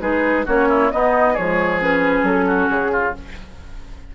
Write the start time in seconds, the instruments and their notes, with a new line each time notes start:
0.00 bassoon G#3, clarinet D#4, oboe G#4, flute B4
0.46 bassoon A#3, clarinet C#4, oboe F#4, flute C#5
0.69 oboe E4
0.91 clarinet B3, bassoon B3, oboe D#4, flute D#5
1.33 bassoon F3, clarinet G#3, oboe G#4, flute C#5
1.81 clarinet C#4, flute B4
2.23 bassoon F#3, flute A4
2.47 oboe F#4
2.69 bassoon C#3, flute G#4
2.92 oboe F4